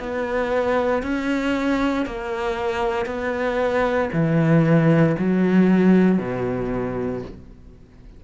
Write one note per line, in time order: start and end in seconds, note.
0.00 1.03 B3
1.03 2.06 C#4
2.06 3.06 A#3
3.06 4.10 B3
4.13 5.16 E3
5.19 6.19 F#3
6.19 7.23 B2